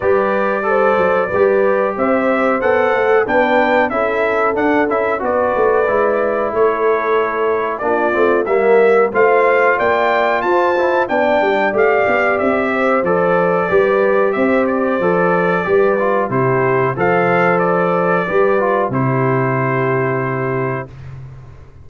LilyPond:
<<
  \new Staff \with { instrumentName = "trumpet" } { \time 4/4 \tempo 4 = 92 d''2. e''4 | fis''4 g''4 e''4 fis''8 e''8 | d''2 cis''2 | d''4 e''4 f''4 g''4 |
a''4 g''4 f''4 e''4 | d''2 e''8 d''4.~ | d''4 c''4 f''4 d''4~ | d''4 c''2. | }
  \new Staff \with { instrumentName = "horn" } { \time 4/4 b'4 c''4 b'4 c''4~ | c''4 b'4 a'2 | b'2 a'2 | f'4 ais'4 c''4 d''4 |
c''4 d''2~ d''8 c''8~ | c''4 b'4 c''2 | b'4 g'4 c''2 | b'4 g'2. | }
  \new Staff \with { instrumentName = "trombone" } { \time 4/4 g'4 a'4 g'2 | a'4 d'4 e'4 d'8 e'8 | fis'4 e'2. | d'8 c'8 ais4 f'2~ |
f'8 e'8 d'4 g'2 | a'4 g'2 a'4 | g'8 f'8 e'4 a'2 | g'8 f'8 e'2. | }
  \new Staff \with { instrumentName = "tuba" } { \time 4/4 g4. fis8 g4 c'4 | b8 a8 b4 cis'4 d'8 cis'8 | b8 a8 gis4 a2 | ais8 a8 g4 a4 ais4 |
f'4 b8 g8 a8 b8 c'4 | f4 g4 c'4 f4 | g4 c4 f2 | g4 c2. | }
>>